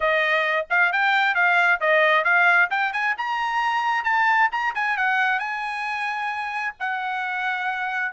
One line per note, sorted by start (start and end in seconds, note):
0.00 0.66 D#5
0.70 0.92 F5
0.92 1.34 G5
1.34 1.79 F5
1.80 2.24 D#5
2.24 2.69 F5
2.70 2.92 G5
2.92 3.15 G#5
3.17 4.04 A#5
4.04 4.49 A5
4.51 4.74 A#5
4.74 4.97 G#5
4.97 5.39 F#5
5.39 6.74 G#5
6.79 8.12 F#5